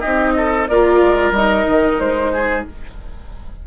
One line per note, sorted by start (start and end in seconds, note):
0.00 0.69 C4
0.00 0.68 D#4
0.00 0.33 G4
0.00 0.67 D#5
0.37 0.69 A4
0.68 1.01 A#3
0.68 1.36 F4
0.68 2.32 A#4
0.68 1.33 D5
1.02 1.31 G#3
1.31 1.64 G3
1.31 2.67 D#4
1.31 1.99 D#5
1.68 1.99 D#3
1.99 2.65 G#3
1.99 2.64 C5
2.33 2.66 G#4